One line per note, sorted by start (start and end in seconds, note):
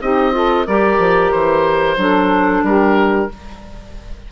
0.00 0.67 C4
0.00 0.32 D#4
0.00 0.33 G4
0.00 0.66 D#5
0.32 0.65 F4
0.32 0.65 A4
0.65 0.98 G3
0.65 1.97 G4
0.65 1.97 A#4
0.65 1.31 D5
0.98 1.31 F3
1.31 1.96 E3
1.31 2.63 C5
1.96 2.62 F#3
1.96 3.29 D4
1.96 2.65 A4
2.62 3.28 G3
2.62 3.31 G4
2.62 3.31 A#4